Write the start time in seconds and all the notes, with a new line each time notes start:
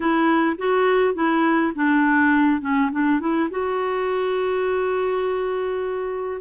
0.00 E4
0.57 F#4
1.14 E4
1.75 D4
2.61 C#4
2.91 D4
3.20 E4
3.50 F#4